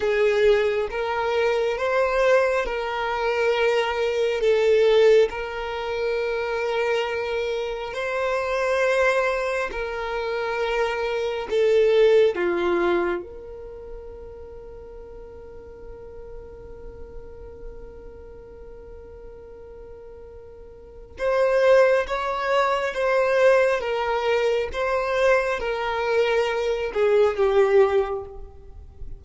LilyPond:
\new Staff \with { instrumentName = "violin" } { \time 4/4 \tempo 4 = 68 gis'4 ais'4 c''4 ais'4~ | ais'4 a'4 ais'2~ | ais'4 c''2 ais'4~ | ais'4 a'4 f'4 ais'4~ |
ais'1~ | ais'1 | c''4 cis''4 c''4 ais'4 | c''4 ais'4. gis'8 g'4 | }